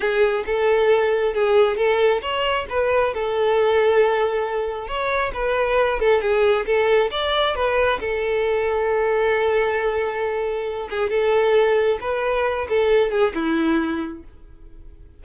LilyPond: \new Staff \with { instrumentName = "violin" } { \time 4/4 \tempo 4 = 135 gis'4 a'2 gis'4 | a'4 cis''4 b'4 a'4~ | a'2. cis''4 | b'4. a'8 gis'4 a'4 |
d''4 b'4 a'2~ | a'1~ | a'8 gis'8 a'2 b'4~ | b'8 a'4 gis'8 e'2 | }